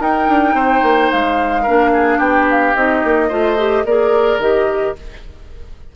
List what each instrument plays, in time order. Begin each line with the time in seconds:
0.00 clarinet D#4, bassoon D#4, oboe A#4, flute G5
0.28 bassoon D4
0.53 bassoon C4, oboe C5
0.82 bassoon A#3
1.11 bassoon G#3, flute F5
1.62 bassoon A#3, clarinet D4, oboe A#4
1.93 oboe G#4
2.18 bassoon B3, oboe G4, flute G5
2.50 flute F5
2.75 bassoon C4, clarinet D#4, flute D#5
3.04 bassoon A#3
3.28 bassoon A3, clarinet F4, oboe C5
3.58 clarinet G4
3.85 bassoon A#3, clarinet G#4, oboe A#4, flute D5
4.38 bassoon D#3, clarinet G4, flute D#5